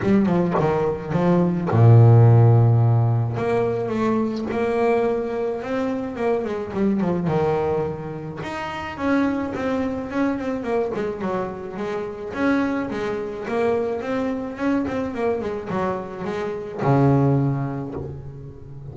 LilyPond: \new Staff \with { instrumentName = "double bass" } { \time 4/4 \tempo 4 = 107 g8 f8 dis4 f4 ais,4~ | ais,2 ais4 a4 | ais2 c'4 ais8 gis8 | g8 f8 dis2 dis'4 |
cis'4 c'4 cis'8 c'8 ais8 gis8 | fis4 gis4 cis'4 gis4 | ais4 c'4 cis'8 c'8 ais8 gis8 | fis4 gis4 cis2 | }